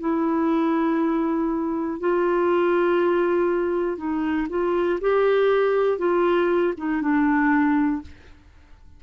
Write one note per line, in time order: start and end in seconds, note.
0.00 2.00 E4
2.00 3.97 F4
3.97 4.47 D#4
4.49 4.99 F4
5.00 5.98 G4
5.98 6.73 F4
6.77 7.01 D#4
7.01 8.01 D4